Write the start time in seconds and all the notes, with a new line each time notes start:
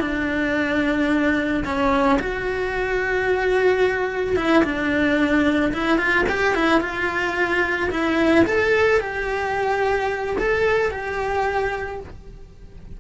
0.00 D4
1.64 C#4
2.19 F#4
4.36 E4
4.64 D4
5.73 E4
5.98 F4
6.29 G4
6.54 E4
6.81 F4
7.91 E4
8.46 A4
9.00 G4
10.38 A4
10.91 G4